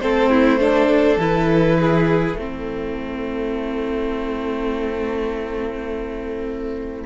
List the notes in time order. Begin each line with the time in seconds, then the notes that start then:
0.00 A3 C4 A4 C5
0.30 E4
0.60 D4 A4
1.16 E3 E4 B4
1.79 G#4
2.33 A3 C4 E4 A4